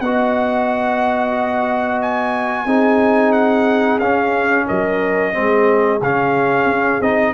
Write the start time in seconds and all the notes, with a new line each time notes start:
0.00 B3 F#4 D#5 F#5
2.01 G#5
2.65 C4 D#4 G#4
3.32 F#5
3.98 C#4 F5
4.67 F#3 A#4 D#5
5.33 G#3 C4 G#4
6.00 C#3 C#4 F5
6.65 C#4
7.00 C4 D#4 D#5